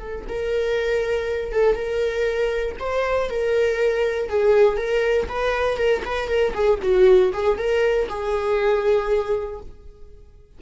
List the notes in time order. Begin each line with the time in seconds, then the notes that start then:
0.00 A4
0.29 A#4
1.52 A4
1.76 A#4
2.80 C5
3.30 A#4
4.29 G#4
4.77 A#4
5.29 B4
5.78 A#4
6.05 B4
6.29 A#4
6.54 G#4
6.83 F#4
7.33 G#4
7.58 A#4
8.09 G#4